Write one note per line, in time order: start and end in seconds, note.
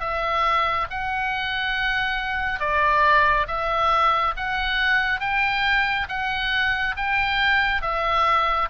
0.00 0.87 E5
0.90 2.60 F#5
2.60 3.47 D5
3.47 4.34 E5
4.36 5.20 F#5
5.20 6.07 G5
6.08 6.95 F#5
6.96 7.82 G5
7.82 8.69 E5